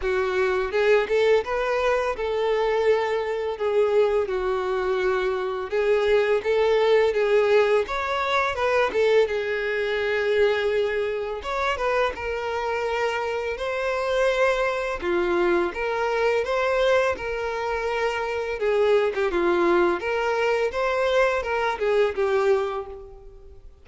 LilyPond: \new Staff \with { instrumentName = "violin" } { \time 4/4 \tempo 4 = 84 fis'4 gis'8 a'8 b'4 a'4~ | a'4 gis'4 fis'2 | gis'4 a'4 gis'4 cis''4 | b'8 a'8 gis'2. |
cis''8 b'8 ais'2 c''4~ | c''4 f'4 ais'4 c''4 | ais'2 gis'8. g'16 f'4 | ais'4 c''4 ais'8 gis'8 g'4 | }